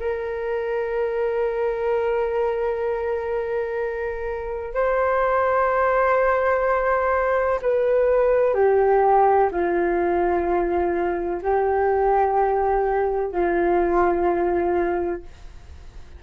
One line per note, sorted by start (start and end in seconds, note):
0.00 4.74 A#4
4.74 7.60 C5
7.62 8.55 B4
8.55 9.50 G4
9.52 11.42 F4
11.42 13.32 G4
13.32 15.23 F4